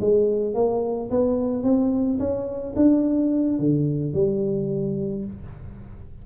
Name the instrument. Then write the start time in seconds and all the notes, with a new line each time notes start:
tuba
0.00 G#3
0.54 A#3
1.10 B3
1.63 C4
2.19 C#4
2.76 D4
3.59 D3
4.13 G3